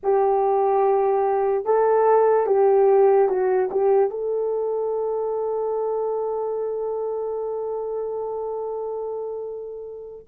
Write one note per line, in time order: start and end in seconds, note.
0.03 1.65 G4
1.65 2.46 A4
2.46 3.28 G4
3.28 3.69 F#4
3.71 4.09 G4
4.09 10.26 A4